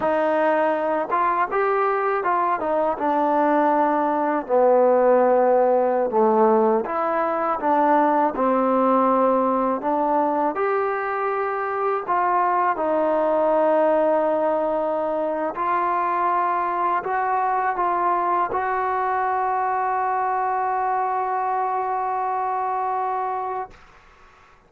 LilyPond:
\new Staff \with { instrumentName = "trombone" } { \time 4/4 \tempo 4 = 81 dis'4. f'8 g'4 f'8 dis'8 | d'2 b2~ | b16 a4 e'4 d'4 c'8.~ | c'4~ c'16 d'4 g'4.~ g'16~ |
g'16 f'4 dis'2~ dis'8.~ | dis'4 f'2 fis'4 | f'4 fis'2.~ | fis'1 | }